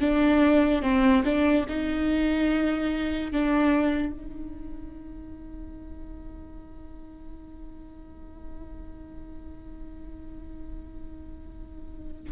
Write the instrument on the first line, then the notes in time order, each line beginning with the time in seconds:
viola
0.00 D4
0.82 C4
1.24 D4
1.68 D#4
3.32 D4
4.12 D#4